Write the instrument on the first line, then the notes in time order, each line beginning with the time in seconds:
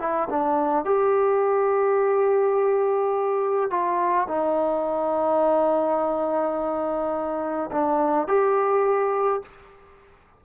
trombone
0.00 E4
0.30 D4
0.85 G4
3.71 F4
4.28 D#4
7.72 D4
8.28 G4